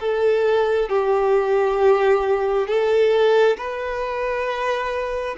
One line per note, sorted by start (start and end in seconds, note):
0.00 0.90 A4
0.90 2.67 G4
2.67 3.57 A4
3.57 5.36 B4